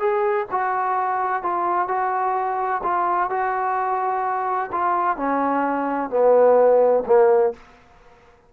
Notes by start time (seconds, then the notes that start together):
0.00 G#4
0.52 F#4
1.43 F4
1.88 F#4
2.84 F4
3.30 F#4
4.72 F4
5.17 C#4
6.10 B3
7.07 A#3